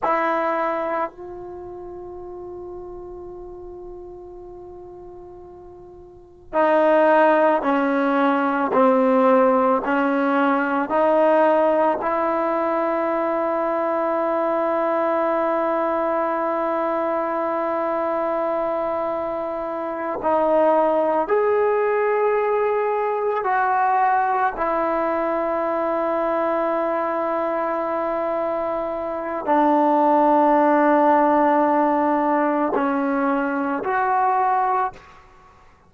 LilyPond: \new Staff \with { instrumentName = "trombone" } { \time 4/4 \tempo 4 = 55 e'4 f'2.~ | f'2 dis'4 cis'4 | c'4 cis'4 dis'4 e'4~ | e'1~ |
e'2~ e'8 dis'4 gis'8~ | gis'4. fis'4 e'4.~ | e'2. d'4~ | d'2 cis'4 fis'4 | }